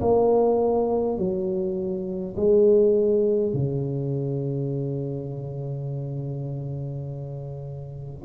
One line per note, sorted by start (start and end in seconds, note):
0.00 1.18 A#3
1.18 2.35 F#3
2.36 3.53 G#3
3.53 8.24 C#3